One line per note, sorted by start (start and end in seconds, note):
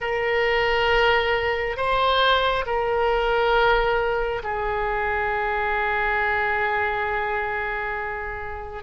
0.00 1.76 A#4
1.76 2.65 C5
2.66 4.42 A#4
4.43 8.83 G#4